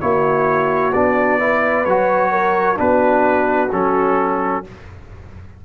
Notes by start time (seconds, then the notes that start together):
0.00 A#3 E4 F#4 C#5
0.93 B3 D4 D5
1.39 E4 B4
1.85 F#3 F#4 C#5
2.31 A#4
2.76 B3 D4 F#4 B4
3.72 F#3 C#4 A4